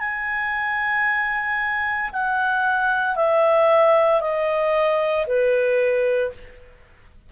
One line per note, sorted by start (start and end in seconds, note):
0.00 2.11 G#5
2.12 3.16 F#5
3.16 4.21 E5
4.21 5.26 D#5
5.27 6.32 B4